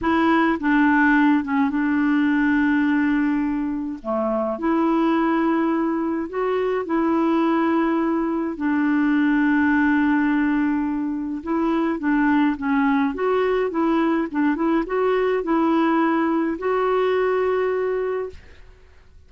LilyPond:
\new Staff \with { instrumentName = "clarinet" } { \time 4/4 \tempo 4 = 105 e'4 d'4. cis'8 d'4~ | d'2. a4 | e'2. fis'4 | e'2. d'4~ |
d'1 | e'4 d'4 cis'4 fis'4 | e'4 d'8 e'8 fis'4 e'4~ | e'4 fis'2. | }